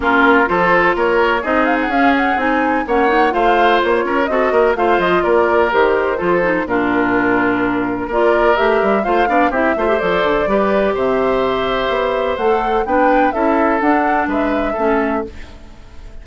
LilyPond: <<
  \new Staff \with { instrumentName = "flute" } { \time 4/4 \tempo 4 = 126 ais'4 c''4 cis''4 dis''8 f''16 fis''16 | f''8 fis''8 gis''4 fis''4 f''4 | cis''4 dis''4 f''8 dis''8 d''4 | c''2 ais'2~ |
ais'4 d''4 e''4 f''4 | e''4 d''2 e''4~ | e''2 fis''4 g''4 | e''4 fis''4 e''2 | }
  \new Staff \with { instrumentName = "oboe" } { \time 4/4 f'4 a'4 ais'4 gis'4~ | gis'2 cis''4 c''4~ | c''8 ais'8 a'8 ais'8 c''4 ais'4~ | ais'4 a'4 f'2~ |
f'4 ais'2 c''8 d''8 | g'8 c''4. b'4 c''4~ | c''2. b'4 | a'2 b'4 a'4 | }
  \new Staff \with { instrumentName = "clarinet" } { \time 4/4 cis'4 f'2 dis'4 | cis'4 dis'4 cis'8 dis'8 f'4~ | f'4 fis'4 f'2 | g'4 f'8 dis'8 d'2~ |
d'4 f'4 g'4 f'8 d'8 | e'8 f'16 g'16 a'4 g'2~ | g'2 a'4 d'4 | e'4 d'2 cis'4 | }
  \new Staff \with { instrumentName = "bassoon" } { \time 4/4 ais4 f4 ais4 c'4 | cis'4 c'4 ais4 a4 | ais8 cis'8 c'8 ais8 a8 f8 ais4 | dis4 f4 ais,2~ |
ais,4 ais4 a8 g8 a8 b8 | c'8 a8 f8 d8 g4 c4~ | c4 b4 a4 b4 | cis'4 d'4 gis4 a4 | }
>>